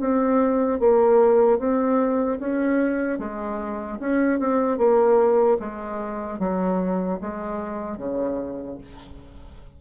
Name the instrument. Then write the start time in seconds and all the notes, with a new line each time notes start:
bassoon
0.00 C4
0.80 A#3
1.59 C4
2.40 C#4
3.19 G#3
4.00 C#4
4.40 C4
4.78 A#3
5.60 G#3
6.39 F#3
7.21 G#3
7.97 C#3